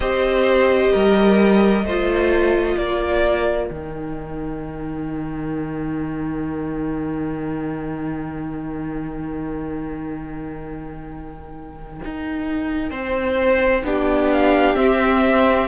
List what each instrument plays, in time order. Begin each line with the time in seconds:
0.00 cello C4, viola G4, violin C5 D#5
0.92 cello G3, violin A#4
1.83 cello A3, viola F4, violin C5
2.75 cello A#3, violin A#4 D5
3.68 cello D#3, viola D#4, violin G5
12.04 cello D#4
12.90 cello C4, violin C5
13.83 cello B3, viola D4, violin G4
14.32 violin F5
14.75 cello C4, viola C4, violin E5